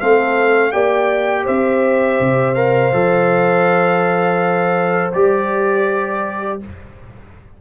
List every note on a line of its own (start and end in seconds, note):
0.00 0.74 A3
0.00 0.73 C4
0.00 0.73 A4
0.00 0.72 F5
0.72 1.48 A#3
0.72 2.55 G4
0.72 1.44 D5
0.72 1.46 G5
1.44 2.20 C4
1.44 6.56 C5
1.44 2.55 E5
2.20 2.93 C3
2.55 2.92 A#4
2.55 5.11 F5
2.93 5.13 F3
2.93 5.13 A4
5.13 6.61 G3
5.13 6.61 G4
5.13 6.60 D5